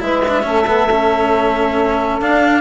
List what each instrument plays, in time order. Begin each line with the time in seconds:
0.00 bassoon G#3, cello E4, saxophone B4, clarinet E5
0.28 cello D4
0.43 bassoon A3, cello C#4, saxophone A4
0.67 cello B3
0.91 cello C#4
2.21 cello D4, bassoon D4, clarinet F5